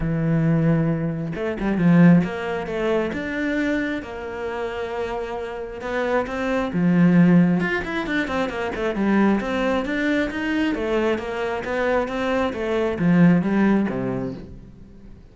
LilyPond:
\new Staff \with { instrumentName = "cello" } { \time 4/4 \tempo 4 = 134 e2. a8 g8 | f4 ais4 a4 d'4~ | d'4 ais2.~ | ais4 b4 c'4 f4~ |
f4 f'8 e'8 d'8 c'8 ais8 a8 | g4 c'4 d'4 dis'4 | a4 ais4 b4 c'4 | a4 f4 g4 c4 | }